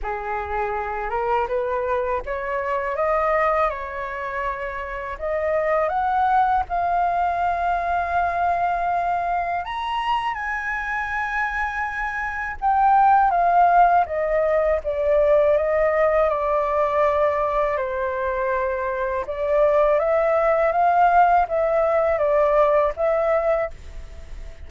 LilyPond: \new Staff \with { instrumentName = "flute" } { \time 4/4 \tempo 4 = 81 gis'4. ais'8 b'4 cis''4 | dis''4 cis''2 dis''4 | fis''4 f''2.~ | f''4 ais''4 gis''2~ |
gis''4 g''4 f''4 dis''4 | d''4 dis''4 d''2 | c''2 d''4 e''4 | f''4 e''4 d''4 e''4 | }